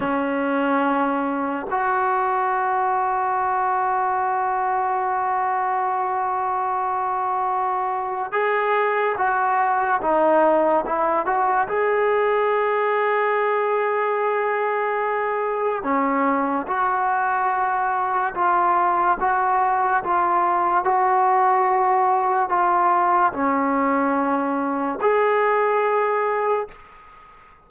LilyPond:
\new Staff \with { instrumentName = "trombone" } { \time 4/4 \tempo 4 = 72 cis'2 fis'2~ | fis'1~ | fis'2 gis'4 fis'4 | dis'4 e'8 fis'8 gis'2~ |
gis'2. cis'4 | fis'2 f'4 fis'4 | f'4 fis'2 f'4 | cis'2 gis'2 | }